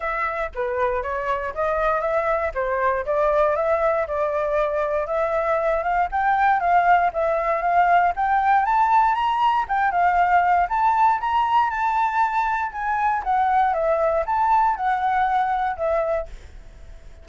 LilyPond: \new Staff \with { instrumentName = "flute" } { \time 4/4 \tempo 4 = 118 e''4 b'4 cis''4 dis''4 | e''4 c''4 d''4 e''4 | d''2 e''4. f''8 | g''4 f''4 e''4 f''4 |
g''4 a''4 ais''4 g''8 f''8~ | f''4 a''4 ais''4 a''4~ | a''4 gis''4 fis''4 e''4 | a''4 fis''2 e''4 | }